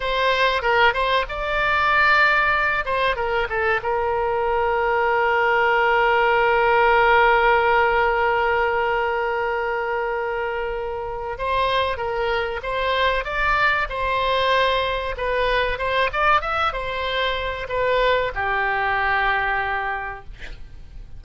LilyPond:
\new Staff \with { instrumentName = "oboe" } { \time 4/4 \tempo 4 = 95 c''4 ais'8 c''8 d''2~ | d''8 c''8 ais'8 a'8 ais'2~ | ais'1~ | ais'1~ |
ais'2 c''4 ais'4 | c''4 d''4 c''2 | b'4 c''8 d''8 e''8 c''4. | b'4 g'2. | }